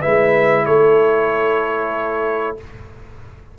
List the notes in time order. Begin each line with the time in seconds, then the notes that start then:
0.00 G#3 E4 B4 E5
0.66 A3 A4 C#5